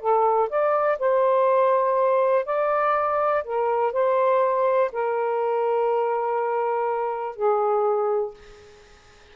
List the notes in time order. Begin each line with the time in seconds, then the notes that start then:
0.00 A4
0.49 D5
0.99 C5
2.45 D5
3.44 A#4
3.93 C5
4.92 A#4
7.36 G#4